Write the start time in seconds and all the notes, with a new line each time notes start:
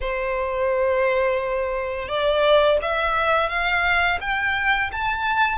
0.00 C5
2.08 D5
2.82 E5
3.49 F5
4.21 G5
4.92 A5